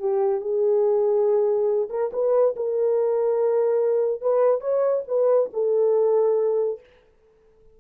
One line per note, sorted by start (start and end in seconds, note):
0.00 0.41 G4
0.41 1.89 G#4
1.90 2.11 A#4
2.13 2.55 B4
2.56 4.22 A#4
4.22 4.61 B4
4.61 5.03 C#5
5.08 5.50 B4
5.53 6.80 A4